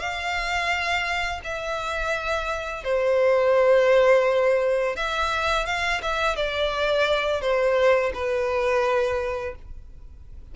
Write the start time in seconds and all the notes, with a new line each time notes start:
0.00 F5
1.44 E5
2.85 C5
4.96 E5
5.66 F5
6.02 E5
6.36 D5
7.41 C5
8.14 B4